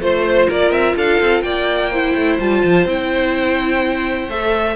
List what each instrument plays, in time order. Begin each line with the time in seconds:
0.00 cello A3, viola F4, violin C5
0.47 cello A#3, violin A#4 D5
0.70 cello C4, violin E5
0.96 cello D4, violin A4 F5
1.20 cello C4
1.42 cello A#3, violin D5 G5
1.90 viola E4, violin C5
2.15 cello A3
2.39 cello G3, viola F4, violin A5
2.63 cello F3
2.85 cello C4, viola E4, violin G5
4.29 cello A3, viola A4, violin E5